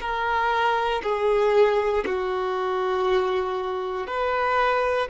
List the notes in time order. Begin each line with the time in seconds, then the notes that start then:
0.00 A#4
1.03 G#4
2.05 F#4
4.07 B4